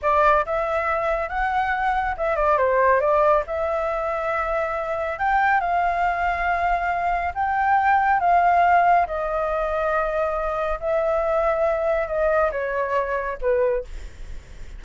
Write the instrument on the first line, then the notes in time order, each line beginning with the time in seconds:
flute
0.02 D5
0.45 E5
1.29 F#5
2.17 E5
2.36 D5
2.57 C5
3.00 D5
3.46 E5
5.18 G5
5.60 F5
7.34 G5
8.20 F5
9.06 D#5
10.79 E5
12.07 D#5
12.51 C#5
13.41 B4